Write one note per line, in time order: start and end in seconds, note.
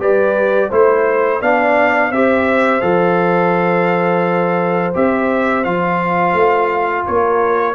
0.00 0.71 G3
0.00 0.71 G4
0.00 0.69 B4
0.00 0.72 D5
0.69 1.42 A3
0.69 1.42 E4
0.69 1.40 C5
0.69 1.42 C5
1.41 2.11 B3
1.41 2.13 D4
1.41 2.09 D5
1.41 2.12 F5
2.09 2.82 C4
2.09 2.81 G4
2.09 7.04 C5
2.09 2.81 E5
2.81 4.95 F3
2.81 4.93 A4
2.81 4.93 F5
4.95 5.66 C4
4.95 5.65 G4
4.95 5.65 E5
5.65 6.34 F3
5.65 7.75 F4
5.65 7.06 F5
6.34 7.05 A3
7.06 7.75 A#3
7.06 7.75 A#4
7.06 7.75 C#5